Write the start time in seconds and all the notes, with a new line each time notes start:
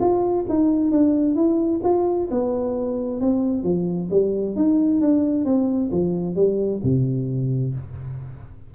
0.00 F4
0.49 D#4
0.92 D4
1.36 E4
1.84 F4
2.31 B3
3.21 C4
3.63 F3
4.11 G3
4.56 D#4
5.01 D4
5.45 C4
5.91 F3
6.35 G3
6.83 C3